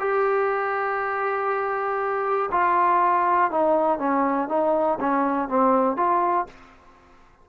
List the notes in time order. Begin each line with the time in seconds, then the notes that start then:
0.00 G4
2.52 F4
3.51 D#4
3.99 C#4
4.49 D#4
5.01 C#4
5.49 C4
5.97 F4